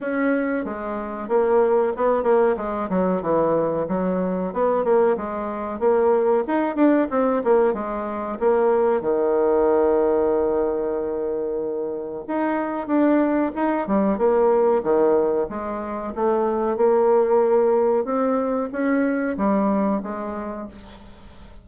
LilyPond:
\new Staff \with { instrumentName = "bassoon" } { \time 4/4 \tempo 4 = 93 cis'4 gis4 ais4 b8 ais8 | gis8 fis8 e4 fis4 b8 ais8 | gis4 ais4 dis'8 d'8 c'8 ais8 | gis4 ais4 dis2~ |
dis2. dis'4 | d'4 dis'8 g8 ais4 dis4 | gis4 a4 ais2 | c'4 cis'4 g4 gis4 | }